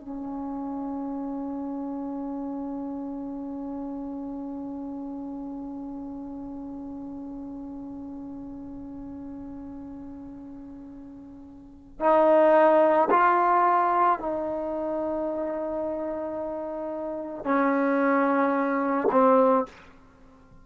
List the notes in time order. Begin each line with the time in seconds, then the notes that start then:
0.00 C#4
12.00 D#4
13.10 F4
14.19 D#4
17.44 C#4
19.11 C4